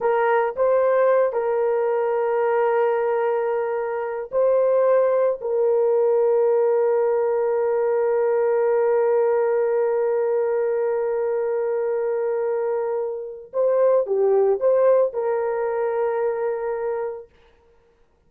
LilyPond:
\new Staff \with { instrumentName = "horn" } { \time 4/4 \tempo 4 = 111 ais'4 c''4. ais'4.~ | ais'1 | c''2 ais'2~ | ais'1~ |
ais'1~ | ais'1~ | ais'4 c''4 g'4 c''4 | ais'1 | }